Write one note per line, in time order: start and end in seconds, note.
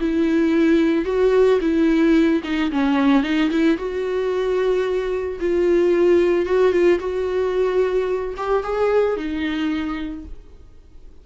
0.00 1.05 E4
1.05 1.59 F#4
1.61 2.42 E4
2.44 2.71 D#4
2.71 3.23 C#4
3.23 3.50 D#4
3.51 3.77 E4
3.77 5.40 F#4
5.40 6.46 F4
6.46 6.72 F#4
6.72 6.99 F4
7.00 8.35 F#4
8.37 8.63 G4
8.63 9.17 G#4
9.17 10.25 D#4